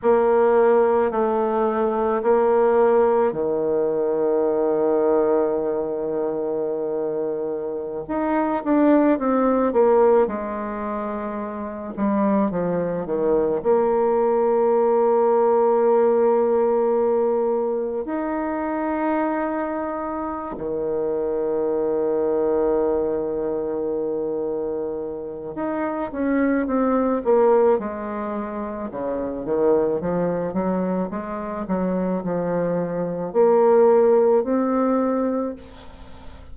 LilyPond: \new Staff \with { instrumentName = "bassoon" } { \time 4/4 \tempo 4 = 54 ais4 a4 ais4 dis4~ | dis2.~ dis16 dis'8 d'16~ | d'16 c'8 ais8 gis4. g8 f8 dis16~ | dis16 ais2.~ ais8.~ |
ais16 dis'2~ dis'16 dis4.~ | dis2. dis'8 cis'8 | c'8 ais8 gis4 cis8 dis8 f8 fis8 | gis8 fis8 f4 ais4 c'4 | }